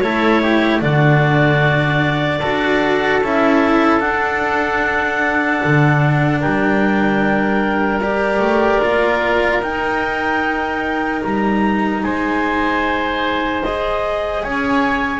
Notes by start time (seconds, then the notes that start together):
0.00 A3 E4 A4 C#5
0.42 G4
0.80 D3 D4 F#4 D5
2.39 F#4 A4
2.46 D4
3.22 C#4 E4 E5
4.00 D4 F#5
5.64 D3
6.40 G3 A#4 G5
8.02 G4 D5
8.39 A3
8.81 A#3 F4
9.62 D#4 G5
11.23 G3 A#5
12.03 G#3 C5 G#5
13.63 G#4 D#5
14.43 C#4 C#5 G#5